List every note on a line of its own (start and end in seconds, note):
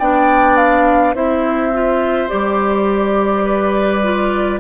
0.00 1.15 B3
0.00 1.15 D4
0.00 1.15 D5
0.00 0.57 G5
0.57 1.15 F5
1.15 2.30 C4
1.15 1.73 E4
1.15 3.45 C5
1.15 2.29 E5
1.74 2.29 F4
2.29 4.60 G3
2.29 4.02 G4
2.29 4.60 D5
3.45 4.60 B4
4.04 4.60 F4